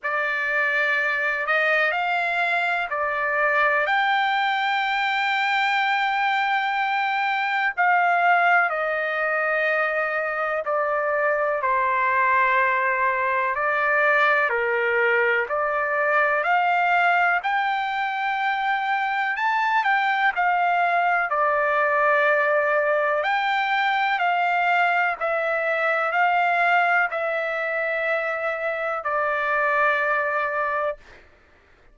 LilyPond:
\new Staff \with { instrumentName = "trumpet" } { \time 4/4 \tempo 4 = 62 d''4. dis''8 f''4 d''4 | g''1 | f''4 dis''2 d''4 | c''2 d''4 ais'4 |
d''4 f''4 g''2 | a''8 g''8 f''4 d''2 | g''4 f''4 e''4 f''4 | e''2 d''2 | }